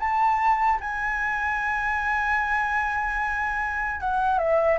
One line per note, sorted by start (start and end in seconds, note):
0.00 0.80 A5
0.81 4.01 G#5
4.01 4.39 F#5
4.39 4.79 E5